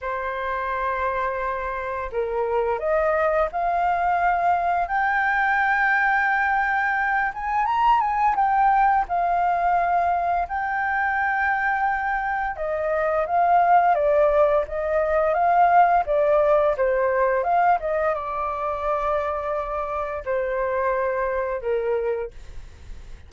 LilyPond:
\new Staff \with { instrumentName = "flute" } { \time 4/4 \tempo 4 = 86 c''2. ais'4 | dis''4 f''2 g''4~ | g''2~ g''8 gis''8 ais''8 gis''8 | g''4 f''2 g''4~ |
g''2 dis''4 f''4 | d''4 dis''4 f''4 d''4 | c''4 f''8 dis''8 d''2~ | d''4 c''2 ais'4 | }